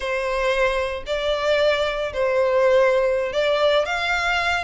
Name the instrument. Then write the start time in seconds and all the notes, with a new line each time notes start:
violin
0.00 C5
1.06 D5
2.13 C5
3.33 D5
3.85 F5